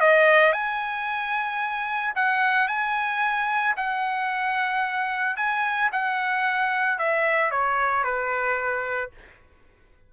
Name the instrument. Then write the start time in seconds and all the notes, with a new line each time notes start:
trumpet
0.00 D#5
0.52 G#5
2.15 F#5
2.68 G#5
3.76 F#5
5.36 G#5
5.92 F#5
6.98 E5
7.51 C#5
8.03 B4